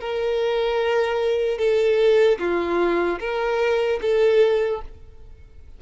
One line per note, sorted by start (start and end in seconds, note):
0.00 1.58 A#4
1.58 2.38 A4
2.39 3.19 F4
3.19 3.99 A#4
4.01 4.81 A4